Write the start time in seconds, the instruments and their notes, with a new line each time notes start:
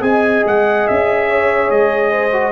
0.00 tuba C4, trombone G#4, horn D#5, trumpet G#5
0.46 tuba G#3, trumpet F#5
0.87 tuba C#4, trumpet E5
1.28 horn C#5
1.70 tuba G#3, trumpet D#5
2.11 horn C5
2.32 trombone F#4